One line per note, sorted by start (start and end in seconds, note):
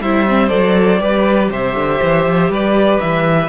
0.00 0.50 G3
0.00 0.28 E4
0.00 1.01 C5
0.00 0.48 E5
0.28 0.49 C4
0.48 1.00 F#3
0.48 0.99 A4
0.48 1.48 D5
0.99 1.50 G3
0.99 3.48 G4
0.99 1.51 B4
1.50 1.75 C3
1.50 2.50 C5
1.50 2.52 E5
1.75 2.00 D3
2.02 2.26 E3
2.26 2.49 F3
2.49 2.99 G3
2.49 3.48 B4
2.49 3.00 D5
3.00 3.48 E3
3.00 3.48 E5